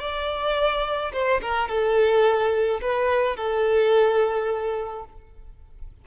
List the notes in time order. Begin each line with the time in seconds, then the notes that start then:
0.00 D5
1.13 C5
1.41 A#4
1.68 A4
2.81 B4
3.36 A4